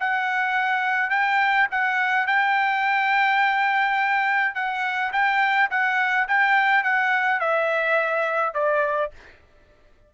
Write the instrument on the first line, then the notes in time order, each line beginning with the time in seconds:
trumpet
0.00 F#5
1.10 G5
1.71 F#5
2.27 G5
4.54 F#5
5.12 G5
5.70 F#5
6.28 G5
6.83 F#5
7.40 E5
8.54 D5